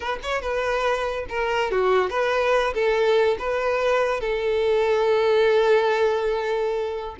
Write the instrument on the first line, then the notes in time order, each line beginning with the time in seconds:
violin
0.00 B4
0.22 C#5
0.41 B4
1.29 A#4
1.71 F#4
2.10 B4
2.73 A4
3.38 B4
4.20 A4